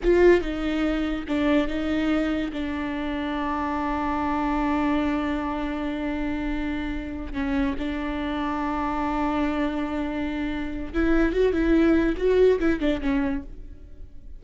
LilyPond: \new Staff \with { instrumentName = "viola" } { \time 4/4 \tempo 4 = 143 f'4 dis'2 d'4 | dis'2 d'2~ | d'1~ | d'1~ |
d'4. cis'4 d'4.~ | d'1~ | d'2 e'4 fis'8 e'8~ | e'4 fis'4 e'8 d'8 cis'4 | }